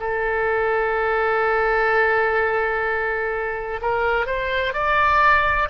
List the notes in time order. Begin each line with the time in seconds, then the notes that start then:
0.00 A4
3.82 A#4
4.27 C5
4.74 D5